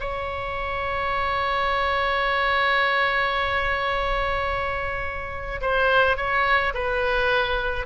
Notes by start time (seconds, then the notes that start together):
0.00 C#5
5.61 C5
6.17 C#5
6.74 B4